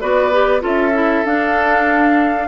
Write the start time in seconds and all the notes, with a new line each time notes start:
0.00 B3 F#4 B4 D5
0.32 G4
0.60 C#4 F4 A4 E5
0.93 E4
1.24 D4 F5